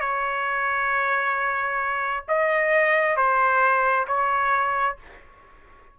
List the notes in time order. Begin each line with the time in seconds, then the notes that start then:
0.00 C#5
2.28 D#5
3.17 C5
4.07 C#5